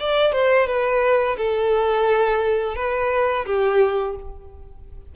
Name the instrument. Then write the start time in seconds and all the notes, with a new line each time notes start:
violin
0.00 D5
0.32 C5
0.67 B4
1.37 A4
2.76 B4
3.46 G4